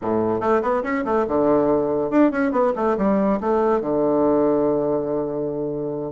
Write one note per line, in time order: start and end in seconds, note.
0.01 0.40 A2
0.40 0.61 A3
0.61 0.83 B3
0.83 1.04 C#4
1.04 1.25 A3
1.27 2.10 D3
2.10 2.31 D4
2.31 2.51 C#4
2.51 2.72 B3
2.75 2.96 A3
2.97 3.39 G3
3.40 3.80 A3
3.80 6.12 D3